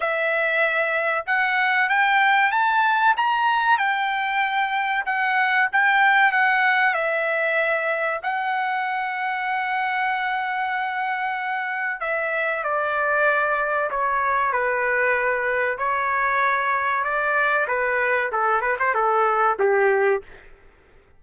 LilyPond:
\new Staff \with { instrumentName = "trumpet" } { \time 4/4 \tempo 4 = 95 e''2 fis''4 g''4 | a''4 ais''4 g''2 | fis''4 g''4 fis''4 e''4~ | e''4 fis''2.~ |
fis''2. e''4 | d''2 cis''4 b'4~ | b'4 cis''2 d''4 | b'4 a'8 b'16 c''16 a'4 g'4 | }